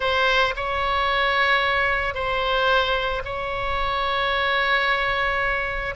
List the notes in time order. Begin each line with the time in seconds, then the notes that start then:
0.00 C5
0.56 C#5
2.14 C5
3.24 C#5